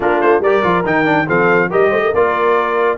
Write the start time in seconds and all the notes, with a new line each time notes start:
0.00 A#3 D4 F4 A#4
0.20 A3 C5
0.40 G3 G4 A#4 D5
0.62 F3 F4
0.84 D#3 D#4 G5
1.05 D4
1.27 F3 C4 A4 F5
1.70 G3 G4 A#4 D#5
1.89 A3 C5
2.04 A#4
2.13 A#3 F4 D5